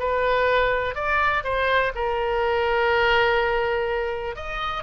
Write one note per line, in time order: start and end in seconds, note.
0.00 0.95 B4
0.95 1.44 D5
1.44 1.93 C5
1.95 4.36 A#4
4.36 4.84 D#5